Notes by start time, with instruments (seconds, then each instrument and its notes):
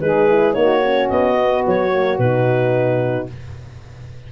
0.00 tuba G#3, horn D#4, saxophone G#4, clarinet B4
0.29 horn E4
0.53 tuba A#3, horn D#4, saxophone F#4, clarinet C#5
0.82 horn C#4
1.09 tuba B3, clarinet D#5
1.39 horn B3
1.67 tuba F#3, clarinet C#5
1.92 horn A#3
2.17 tuba B2, horn D#4, clarinet B4